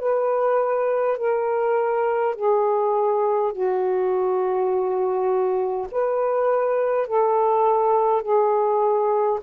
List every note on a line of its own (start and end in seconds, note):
0.00 1.18 B4
1.18 2.35 A#4
2.35 3.52 G#4
3.52 5.88 F#4
5.91 7.07 B4
7.07 8.22 A4
8.22 9.40 G#4